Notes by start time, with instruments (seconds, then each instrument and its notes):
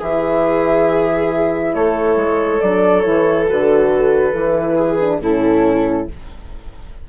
0.00 bassoon E3, horn E4, viola G#4, flute E5
1.75 bassoon A3, viola A4, flute C#5
2.16 bassoon G#3
2.61 bassoon F#3, horn D4, flute D5
3.01 bassoon E3, horn E4, flute C#5
3.48 bassoon D3, horn F#4, flute B4
4.34 bassoon E3, horn E4
4.76 viola G#4
5.01 horn D4
5.20 bassoon A2, horn C#4, viola E4, flute A4